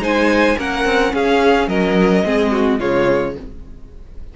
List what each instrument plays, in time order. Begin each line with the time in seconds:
0.00 cello G#3, viola D#4, violin C5 G#5
0.58 cello A#3, viola C#4, violin A#4 F#5
0.85 cello C4
1.13 cello C#4, violin G#4 F5
1.68 cello F#3, violin A#4 D#5
2.25 cello G#3, viola C4, violin G#4
2.52 violin F#4
2.79 cello C#3, viola G#3, violin F4 C#5